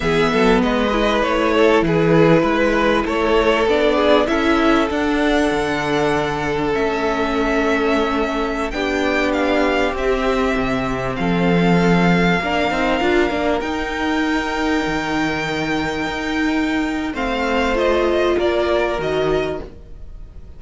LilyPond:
<<
  \new Staff \with { instrumentName = "violin" } { \time 4/4 \tempo 4 = 98 e''4 dis''4 cis''4 b'4~ | b'4 cis''4 d''4 e''4 | fis''2. e''4~ | e''2~ e''16 g''4 f''8.~ |
f''16 e''2 f''4.~ f''16~ | f''2~ f''16 g''4.~ g''16~ | g''1 | f''4 dis''4 d''4 dis''4 | }
  \new Staff \with { instrumentName = "violin" } { \time 4/4 gis'8 a'8 b'4. a'8 gis'4 | b'4 a'4. gis'8 a'4~ | a'1~ | a'2~ a'16 g'4.~ g'16~ |
g'2~ g'16 a'4.~ a'16~ | a'16 ais'2.~ ais'8.~ | ais'1 | c''2 ais'2 | }
  \new Staff \with { instrumentName = "viola" } { \time 4/4 b4. e'2~ e'8~ | e'2 d'4 e'4 | d'2. cis'4~ | cis'2~ cis'16 d'4.~ d'16~ |
d'16 c'2.~ c'8.~ | c'16 d'8 dis'8 f'8 d'8 dis'4.~ dis'16~ | dis'1 | c'4 f'2 fis'4 | }
  \new Staff \with { instrumentName = "cello" } { \time 4/4 e8 fis8 gis4 a4 e4 | gis4 a4 b4 cis'4 | d'4 d2 a4~ | a2~ a16 b4.~ b16~ |
b16 c'4 c4 f4.~ f16~ | f16 ais8 c'8 d'8 ais8 dis'4.~ dis'16~ | dis'16 dis2 dis'4.~ dis'16 | a2 ais4 dis4 | }
>>